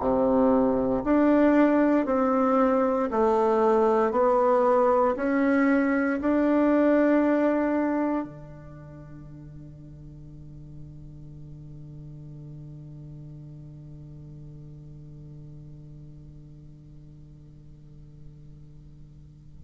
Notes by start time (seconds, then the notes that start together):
0.00 C3
1.05 D4
2.06 C4
3.12 A3
4.12 B3
5.17 C#4
6.21 D4
8.25 D3